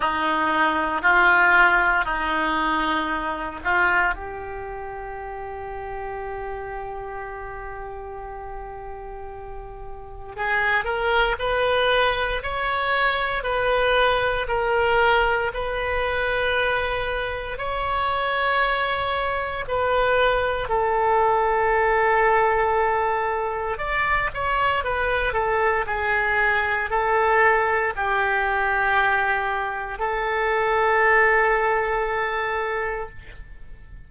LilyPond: \new Staff \with { instrumentName = "oboe" } { \time 4/4 \tempo 4 = 58 dis'4 f'4 dis'4. f'8 | g'1~ | g'2 gis'8 ais'8 b'4 | cis''4 b'4 ais'4 b'4~ |
b'4 cis''2 b'4 | a'2. d''8 cis''8 | b'8 a'8 gis'4 a'4 g'4~ | g'4 a'2. | }